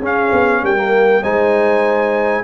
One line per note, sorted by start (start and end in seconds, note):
0.00 0.30 C#4
0.00 0.77 C#4
0.00 0.61 G#4
0.00 0.65 F5
0.33 0.63 B3
0.63 1.24 G3
0.63 1.22 A#4
0.63 1.24 G5
0.77 1.22 A#3
1.22 2.44 G#3
1.22 2.44 D#4
1.22 2.43 C5
1.22 2.44 G#5